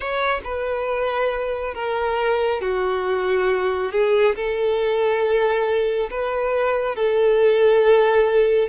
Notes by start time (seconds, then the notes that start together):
0.00 C#5
0.43 B4
1.74 A#4
2.61 F#4
3.91 G#4
4.35 A4
6.10 B4
6.95 A4